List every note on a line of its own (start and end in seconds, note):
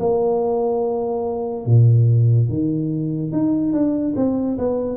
0.00 1.66 A#3
1.66 2.49 A#2
2.49 3.33 D#3
3.33 3.73 D#4
3.73 4.15 D4
4.16 4.58 C4
4.58 4.97 B3